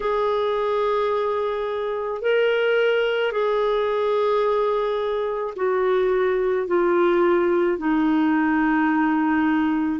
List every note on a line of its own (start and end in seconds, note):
0.00 2.21 G#4
2.21 3.31 A#4
3.31 5.54 G#4
5.56 6.67 F#4
6.67 7.78 F4
7.78 9.99 D#4